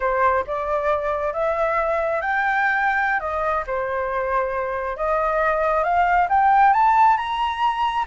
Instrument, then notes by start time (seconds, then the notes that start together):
flute
0.00 C5
0.46 D5
1.33 E5
2.21 G5
3.20 D#5
3.66 C5
4.97 D#5
5.83 F5
6.29 G5
6.73 A5
7.17 A#5